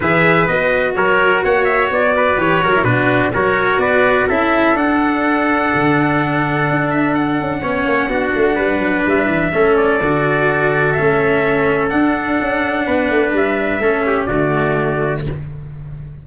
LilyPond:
<<
  \new Staff \with { instrumentName = "trumpet" } { \time 4/4 \tempo 4 = 126 e''4 dis''4 cis''4 fis''8 e''8 | d''4 cis''4 b'4 cis''4 | d''4 e''4 fis''2~ | fis''2~ fis''8 e''8 fis''4~ |
fis''2. e''4~ | e''8 d''2~ d''8 e''4~ | e''4 fis''2. | e''2 d''2 | }
  \new Staff \with { instrumentName = "trumpet" } { \time 4/4 b'2 ais'4 cis''4~ | cis''8 b'4 ais'8 fis'4 ais'4 | b'4 a'2.~ | a'1 |
cis''4 fis'4 b'2 | a'1~ | a'2. b'4~ | b'4 a'8 g'8 fis'2 | }
  \new Staff \with { instrumentName = "cello" } { \time 4/4 gis'4 fis'2.~ | fis'4 g'8 fis'16 e'16 d'4 fis'4~ | fis'4 e'4 d'2~ | d'1 |
cis'4 d'2. | cis'4 fis'2 cis'4~ | cis'4 d'2.~ | d'4 cis'4 a2 | }
  \new Staff \with { instrumentName = "tuba" } { \time 4/4 e4 b4 fis4 ais4 | b4 e8 fis8 b,4 fis4 | b4 cis'4 d'2 | d2 d'4. cis'8 |
b8 ais8 b8 a8 g8 fis8 g8 e8 | a4 d2 a4~ | a4 d'4 cis'4 b8 a8 | g4 a4 d2 | }
>>